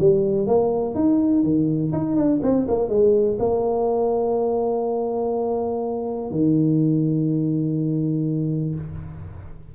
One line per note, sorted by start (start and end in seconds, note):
0.00 0.47 G3
0.47 0.95 A#3
0.95 1.44 D#4
1.44 1.93 D#3
1.93 2.16 D#4
2.16 2.41 D4
2.43 2.67 C4
2.69 2.89 A#3
2.89 3.38 G#3
3.39 6.31 A#3
6.31 8.75 D#3